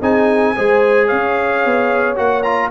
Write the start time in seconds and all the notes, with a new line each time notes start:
0.00 C4 D#4 G#4 G#5
0.56 G#3 G#4 C5
1.07 C#4 C#5 F5
1.65 B3
2.16 A#3 F#4 F#5
2.43 F4 A#5